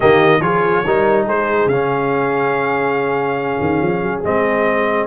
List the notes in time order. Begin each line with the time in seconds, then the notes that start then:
0.00 D#3 A#3 G4 D#5
0.40 F3 F4 G#4 C#5
0.85 G3 D#4 A#4
1.25 G#3 G#4 C5
1.66 C#3 C#4 F5
3.60 D#3
3.81 F3
4.02 F#3
4.23 G#3 C4 D#5